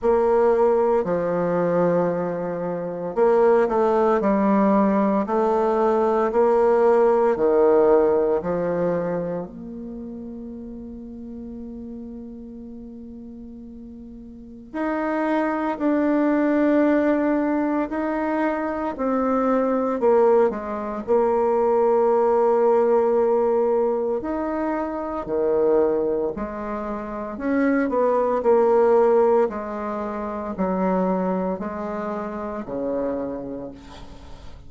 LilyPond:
\new Staff \with { instrumentName = "bassoon" } { \time 4/4 \tempo 4 = 57 ais4 f2 ais8 a8 | g4 a4 ais4 dis4 | f4 ais2.~ | ais2 dis'4 d'4~ |
d'4 dis'4 c'4 ais8 gis8 | ais2. dis'4 | dis4 gis4 cis'8 b8 ais4 | gis4 fis4 gis4 cis4 | }